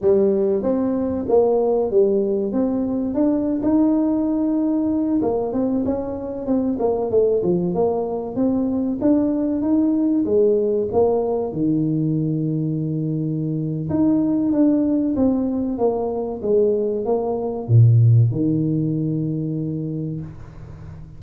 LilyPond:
\new Staff \with { instrumentName = "tuba" } { \time 4/4 \tempo 4 = 95 g4 c'4 ais4 g4 | c'4 d'8. dis'2~ dis'16~ | dis'16 ais8 c'8 cis'4 c'8 ais8 a8 f16~ | f16 ais4 c'4 d'4 dis'8.~ |
dis'16 gis4 ais4 dis4.~ dis16~ | dis2 dis'4 d'4 | c'4 ais4 gis4 ais4 | ais,4 dis2. | }